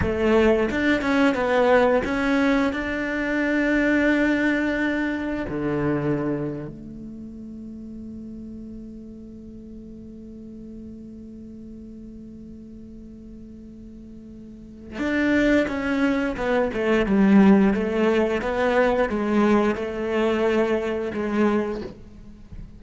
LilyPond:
\new Staff \with { instrumentName = "cello" } { \time 4/4 \tempo 4 = 88 a4 d'8 cis'8 b4 cis'4 | d'1 | d4.~ d16 a2~ a16~ | a1~ |
a1~ | a2 d'4 cis'4 | b8 a8 g4 a4 b4 | gis4 a2 gis4 | }